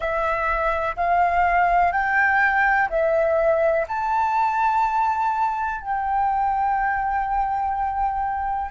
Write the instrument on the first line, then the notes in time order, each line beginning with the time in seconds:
flute
0.00 E5
0.96 F5
1.92 G5
2.89 E5
3.88 A5
5.81 G5